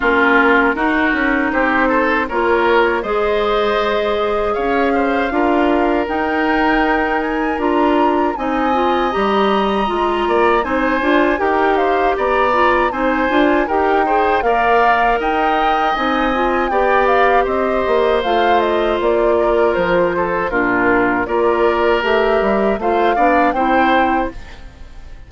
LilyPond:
<<
  \new Staff \with { instrumentName = "flute" } { \time 4/4 \tempo 4 = 79 ais'2 c''4 cis''4 | dis''2 f''2 | g''4. gis''8 ais''4 gis''4 | ais''2 gis''4 g''8 f''8 |
ais''4 gis''4 g''4 f''4 | g''4 gis''4 g''8 f''8 dis''4 | f''8 dis''8 d''4 c''4 ais'4 | d''4 e''4 f''4 g''4 | }
  \new Staff \with { instrumentName = "oboe" } { \time 4/4 f'4 fis'4 g'8 a'8 ais'4 | c''2 cis''8 c''8 ais'4~ | ais'2. dis''4~ | dis''4. d''8 c''4 ais'8 c''8 |
d''4 c''4 ais'8 c''8 d''4 | dis''2 d''4 c''4~ | c''4. ais'4 a'8 f'4 | ais'2 c''8 d''8 c''4 | }
  \new Staff \with { instrumentName = "clarinet" } { \time 4/4 cis'4 dis'2 f'4 | gis'2. f'4 | dis'2 f'4 dis'8 f'8 | g'4 f'4 dis'8 f'8 g'4~ |
g'8 f'8 dis'8 f'8 g'8 gis'8 ais'4~ | ais'4 dis'8 f'8 g'2 | f'2. d'4 | f'4 g'4 f'8 d'8 e'4 | }
  \new Staff \with { instrumentName = "bassoon" } { \time 4/4 ais4 dis'8 cis'8 c'4 ais4 | gis2 cis'4 d'4 | dis'2 d'4 c'4 | g4 gis8 ais8 c'8 d'8 dis'4 |
b4 c'8 d'8 dis'4 ais4 | dis'4 c'4 b4 c'8 ais8 | a4 ais4 f4 ais,4 | ais4 a8 g8 a8 b8 c'4 | }
>>